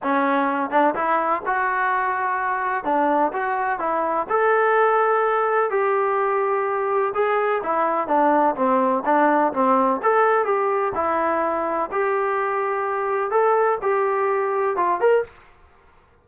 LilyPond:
\new Staff \with { instrumentName = "trombone" } { \time 4/4 \tempo 4 = 126 cis'4. d'8 e'4 fis'4~ | fis'2 d'4 fis'4 | e'4 a'2. | g'2. gis'4 |
e'4 d'4 c'4 d'4 | c'4 a'4 g'4 e'4~ | e'4 g'2. | a'4 g'2 f'8 ais'8 | }